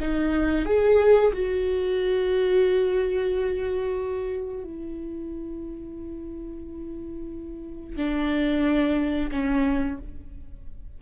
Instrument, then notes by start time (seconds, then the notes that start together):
viola
0.00 D#4
0.66 G#4
1.34 F#4
4.64 E4
7.97 D4
9.32 C#4